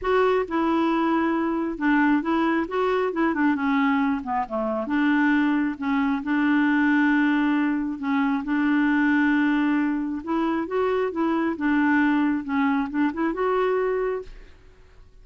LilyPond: \new Staff \with { instrumentName = "clarinet" } { \time 4/4 \tempo 4 = 135 fis'4 e'2. | d'4 e'4 fis'4 e'8 d'8 | cis'4. b8 a4 d'4~ | d'4 cis'4 d'2~ |
d'2 cis'4 d'4~ | d'2. e'4 | fis'4 e'4 d'2 | cis'4 d'8 e'8 fis'2 | }